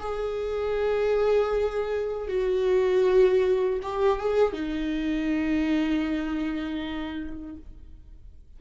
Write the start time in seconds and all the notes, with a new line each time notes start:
0.00 G#4
2.28 F#4
3.82 G4
4.20 G#4
4.53 D#4